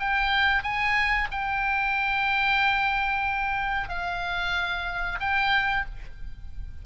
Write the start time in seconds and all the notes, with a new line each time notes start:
0.00 G5
0.63 G#5
1.32 G5
3.89 F5
5.21 G5